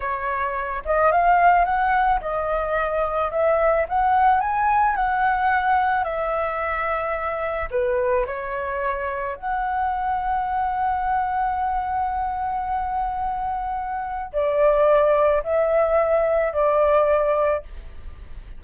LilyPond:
\new Staff \with { instrumentName = "flute" } { \time 4/4 \tempo 4 = 109 cis''4. dis''8 f''4 fis''4 | dis''2 e''4 fis''4 | gis''4 fis''2 e''4~ | e''2 b'4 cis''4~ |
cis''4 fis''2.~ | fis''1~ | fis''2 d''2 | e''2 d''2 | }